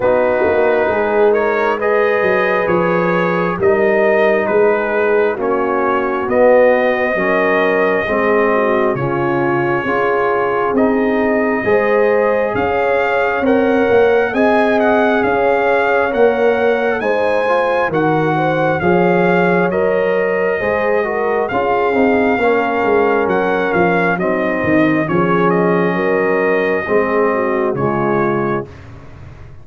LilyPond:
<<
  \new Staff \with { instrumentName = "trumpet" } { \time 4/4 \tempo 4 = 67 b'4. cis''8 dis''4 cis''4 | dis''4 b'4 cis''4 dis''4~ | dis''2 cis''2 | dis''2 f''4 fis''4 |
gis''8 fis''8 f''4 fis''4 gis''4 | fis''4 f''4 dis''2 | f''2 fis''8 f''8 dis''4 | cis''8 dis''2~ dis''8 cis''4 | }
  \new Staff \with { instrumentName = "horn" } { \time 4/4 fis'4 gis'8 ais'8 b'2 | ais'4 gis'4 fis'2 | ais'4 gis'8 fis'8 f'4 gis'4~ | gis'4 c''4 cis''2 |
dis''4 cis''2 c''4 | ais'8 c''8 cis''2 c''8 ais'8 | gis'4 ais'2 dis'4 | gis'4 ais'4 gis'8 fis'8 f'4 | }
  \new Staff \with { instrumentName = "trombone" } { \time 4/4 dis'2 gis'2 | dis'2 cis'4 b4 | cis'4 c'4 cis'4 f'4 | dis'4 gis'2 ais'4 |
gis'2 ais'4 dis'8 f'8 | fis'4 gis'4 ais'4 gis'8 fis'8 | f'8 dis'8 cis'2 c'4 | cis'2 c'4 gis4 | }
  \new Staff \with { instrumentName = "tuba" } { \time 4/4 b8 ais8 gis4. fis8 f4 | g4 gis4 ais4 b4 | fis4 gis4 cis4 cis'4 | c'4 gis4 cis'4 c'8 ais8 |
c'4 cis'4 ais4 gis4 | dis4 f4 fis4 gis4 | cis'8 c'8 ais8 gis8 fis8 f8 fis8 dis8 | f4 fis4 gis4 cis4 | }
>>